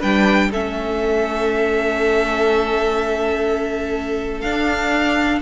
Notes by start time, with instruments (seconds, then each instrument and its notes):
0.00 cello G3, viola D4, violin B4 G5
0.52 cello A3, viola C#4, violin A4 E5
4.41 cello D4, viola D4, violin F5